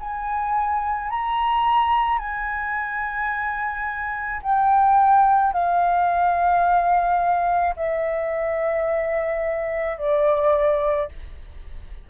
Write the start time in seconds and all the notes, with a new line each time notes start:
0.00 G#5
1.10 A#5
2.19 G#5
4.42 G5
5.53 F5
7.76 E5
9.98 D5